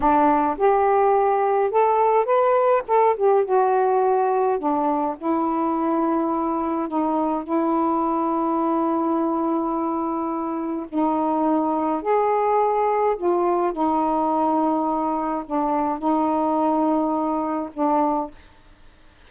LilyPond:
\new Staff \with { instrumentName = "saxophone" } { \time 4/4 \tempo 4 = 105 d'4 g'2 a'4 | b'4 a'8 g'8 fis'2 | d'4 e'2. | dis'4 e'2.~ |
e'2. dis'4~ | dis'4 gis'2 f'4 | dis'2. d'4 | dis'2. d'4 | }